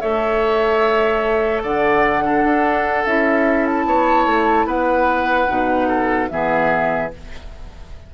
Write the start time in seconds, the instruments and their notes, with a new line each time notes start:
0.00 bassoon A3, clarinet A4, oboe C#5, flute E5
1.63 bassoon D3, oboe D5, flute F#5
2.23 clarinet D4, oboe A4
2.44 bassoon D4
3.05 bassoon C#4, clarinet E4, flute E5
3.66 flute A5
3.85 bassoon B3, oboe C#5
4.26 bassoon A3
4.65 bassoon B3, oboe B4, flute F#5
5.48 bassoon B2, clarinet D#4
5.88 oboe A4
6.29 bassoon E3, clarinet B3, oboe G#4, flute E5